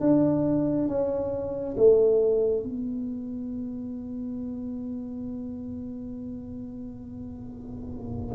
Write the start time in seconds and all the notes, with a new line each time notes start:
0.00 D4
0.88 C#4
1.77 A3
2.63 B3